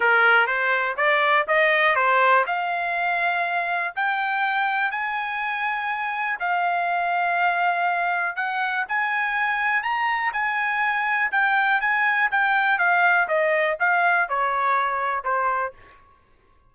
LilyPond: \new Staff \with { instrumentName = "trumpet" } { \time 4/4 \tempo 4 = 122 ais'4 c''4 d''4 dis''4 | c''4 f''2. | g''2 gis''2~ | gis''4 f''2.~ |
f''4 fis''4 gis''2 | ais''4 gis''2 g''4 | gis''4 g''4 f''4 dis''4 | f''4 cis''2 c''4 | }